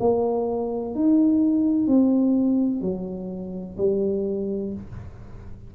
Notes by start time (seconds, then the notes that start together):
0.00 A#3
0.95 D#4
1.88 C4
2.81 F#3
3.78 G3